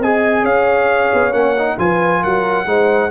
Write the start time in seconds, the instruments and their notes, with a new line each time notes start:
0.00 tuba C4, trombone G#4, horn D#5, trumpet G#5
0.42 tuba C#4, horn C#5, trumpet F5
1.14 tuba B3
1.33 tuba A#3, trombone C#4, trumpet F#5
1.59 trombone D#4
1.79 tuba F3, trombone F4, horn B4, trumpet G#5
2.23 tuba F#3, horn A#4, trumpet F#5
2.66 tuba G#3, trombone D#4, horn C5